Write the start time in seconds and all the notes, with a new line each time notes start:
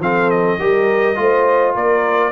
0.00 F3 C4 A4 F5
0.30 D#5
0.60 G3 G4 A#4
1.16 A3 F4 C5
1.75 A#3 A#4 D5